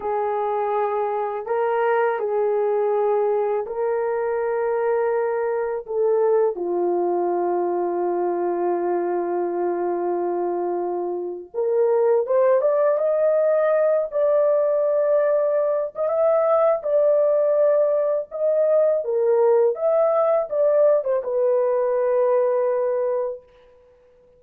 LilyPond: \new Staff \with { instrumentName = "horn" } { \time 4/4 \tempo 4 = 82 gis'2 ais'4 gis'4~ | gis'4 ais'2. | a'4 f'2.~ | f'2.~ f'8. ais'16~ |
ais'8. c''8 d''8 dis''4. d''8.~ | d''4.~ d''16 dis''16 e''4 d''4~ | d''4 dis''4 ais'4 e''4 | d''8. c''16 b'2. | }